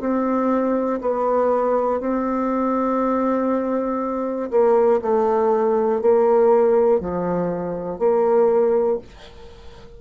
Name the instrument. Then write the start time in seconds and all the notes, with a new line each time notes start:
bassoon
0.00 C4
1.01 B3
2.00 C4
4.51 A#3
5.02 A3
6.02 A#3
7.00 F3
7.99 A#3